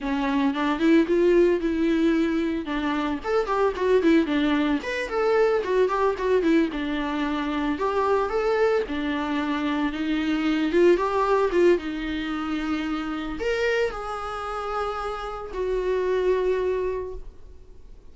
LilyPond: \new Staff \with { instrumentName = "viola" } { \time 4/4 \tempo 4 = 112 cis'4 d'8 e'8 f'4 e'4~ | e'4 d'4 a'8 g'8 fis'8 e'8 | d'4 b'8 a'4 fis'8 g'8 fis'8 | e'8 d'2 g'4 a'8~ |
a'8 d'2 dis'4. | f'8 g'4 f'8 dis'2~ | dis'4 ais'4 gis'2~ | gis'4 fis'2. | }